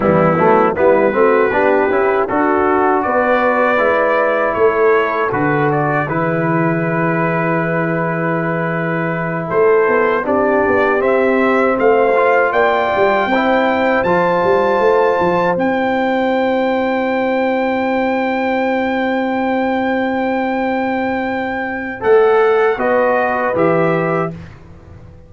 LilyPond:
<<
  \new Staff \with { instrumentName = "trumpet" } { \time 4/4 \tempo 4 = 79 e'4 b'2 a'4 | d''2 cis''4 b'8 d''8 | b'1~ | b'8 c''4 d''4 e''4 f''8~ |
f''8 g''2 a''4.~ | a''8 g''2.~ g''8~ | g''1~ | g''4 fis''4 dis''4 e''4 | }
  \new Staff \with { instrumentName = "horn" } { \time 4/4 b4 e'8 fis'8 g'4 fis'4 | b'2 a'2 | gis'1~ | gis'8 a'4 g'2 c''8~ |
c''8 d''4 c''2~ c''8~ | c''1~ | c''1~ | c''2 b'2 | }
  \new Staff \with { instrumentName = "trombone" } { \time 4/4 g8 a8 b8 c'8 d'8 e'8 fis'4~ | fis'4 e'2 fis'4 | e'1~ | e'4. d'4 c'4. |
f'4. e'4 f'4.~ | f'8 e'2.~ e'8~ | e'1~ | e'4 a'4 fis'4 g'4 | }
  \new Staff \with { instrumentName = "tuba" } { \time 4/4 e8 fis8 g8 a8 b8 cis'8 d'4 | b4 gis4 a4 d4 | e1~ | e8 a8 b8 c'8 b8 c'4 a8~ |
a8 ais8 g8 c'4 f8 g8 a8 | f8 c'2.~ c'8~ | c'1~ | c'4 a4 b4 e4 | }
>>